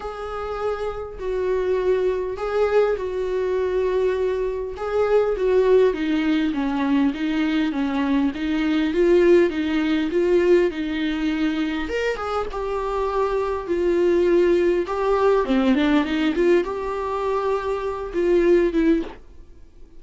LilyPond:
\new Staff \with { instrumentName = "viola" } { \time 4/4 \tempo 4 = 101 gis'2 fis'2 | gis'4 fis'2. | gis'4 fis'4 dis'4 cis'4 | dis'4 cis'4 dis'4 f'4 |
dis'4 f'4 dis'2 | ais'8 gis'8 g'2 f'4~ | f'4 g'4 c'8 d'8 dis'8 f'8 | g'2~ g'8 f'4 e'8 | }